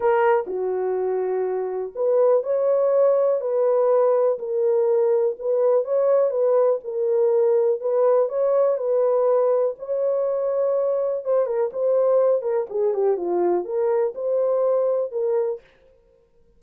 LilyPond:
\new Staff \with { instrumentName = "horn" } { \time 4/4 \tempo 4 = 123 ais'4 fis'2. | b'4 cis''2 b'4~ | b'4 ais'2 b'4 | cis''4 b'4 ais'2 |
b'4 cis''4 b'2 | cis''2. c''8 ais'8 | c''4. ais'8 gis'8 g'8 f'4 | ais'4 c''2 ais'4 | }